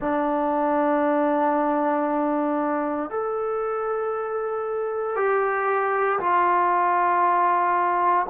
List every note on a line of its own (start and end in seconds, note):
0.00 3.10 D4
3.10 5.15 A4
5.15 6.19 G4
6.19 8.26 F4